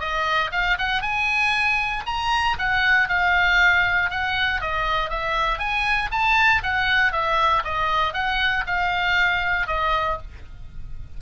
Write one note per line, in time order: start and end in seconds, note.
0.00 0.51 D#5
0.52 0.78 F5
0.79 1.02 F#5
1.02 2.04 G#5
2.06 2.57 A#5
2.59 3.09 F#5
3.09 4.10 F5
4.10 4.61 F#5
4.61 5.10 D#5
5.10 5.59 E5
5.59 6.09 G#5
6.12 6.63 A5
6.63 7.12 F#5
7.12 7.63 E5
7.64 8.14 D#5
8.14 8.64 F#5
8.67 9.67 F5
9.67 10.18 D#5